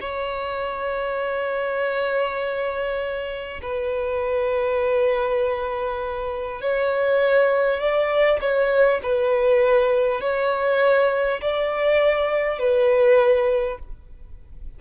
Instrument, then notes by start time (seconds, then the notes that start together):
violin
0.00 C#5
3.62 B4
6.61 C#5
7.80 D5
8.40 C#5
9.02 B4
10.20 C#5
11.41 D5
12.58 B4